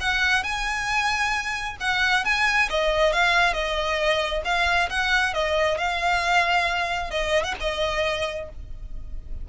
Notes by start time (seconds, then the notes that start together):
0.00 F#5
0.43 G#5
1.80 F#5
2.24 G#5
2.69 D#5
3.12 F5
3.53 D#5
4.44 F5
4.90 F#5
5.34 D#5
5.78 F5
7.10 D#5
7.43 F#5
7.60 D#5